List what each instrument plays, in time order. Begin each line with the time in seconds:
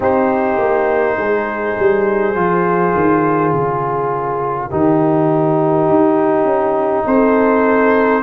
0.00 tuba C4, trombone D#4, horn G4, trumpet C5
0.58 tuba A#3
1.17 tuba G#3, horn G#4
1.79 tuba G3
2.35 tuba F3, trombone F4
2.95 tuba D#3
3.52 tuba C#3, trumpet A#4
4.69 tuba D#3, trombone D#4, horn G4
5.89 tuba D#4
6.44 tuba C#4
7.05 tuba C4, horn A4, trumpet C5